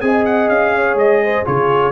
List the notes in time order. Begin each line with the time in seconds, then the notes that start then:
0.00 C4 G#4 D#5 G#5
0.25 F#5
0.48 C#4 F5
0.74 C#5
0.94 G#3 D#5
1.23 C5
1.44 C#3 F4 G#4 C#5